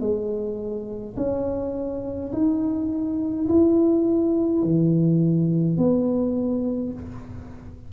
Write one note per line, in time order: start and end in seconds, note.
0.00 1.15 G#3
1.16 2.32 C#4
2.32 3.47 D#4
3.48 4.63 E4
4.63 5.77 E3
5.77 6.92 B3